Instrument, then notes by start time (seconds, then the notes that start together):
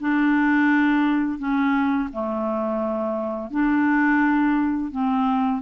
clarinet
0.00 D4
1.39 C#4
2.13 A3
3.50 D4
4.91 C4